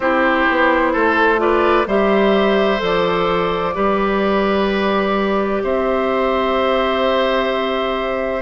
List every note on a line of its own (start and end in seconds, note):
0.00 0.46 C4
0.00 1.37 E4
0.00 0.93 G4
0.00 1.39 C5
0.49 0.95 B3
0.93 1.87 A3
0.93 1.39 A4
1.37 1.84 F4
1.37 1.87 B4
1.37 1.86 D5
1.87 2.80 G3
1.87 2.78 G4
1.87 3.75 C5
1.87 2.82 E5
2.78 3.74 F3
2.78 3.71 A4
2.84 5.63 D5
3.74 5.63 G3
3.74 8.42 G4
3.74 5.62 B4
5.63 8.42 C4
5.63 8.42 C5
5.63 8.42 E5